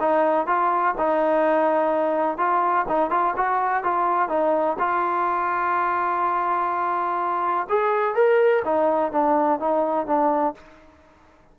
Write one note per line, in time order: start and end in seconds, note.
0.00 0.47 D#4
0.47 0.95 F4
0.98 2.38 D#4
2.38 2.86 F4
2.89 3.10 D#4
3.10 3.34 F4
3.37 3.84 F#4
3.84 4.29 F4
4.29 4.77 D#4
4.79 7.67 F4
7.70 8.15 G#4
8.15 8.63 A#4
8.65 9.12 D#4
9.12 9.60 D4
9.60 10.07 D#4
10.07 10.55 D4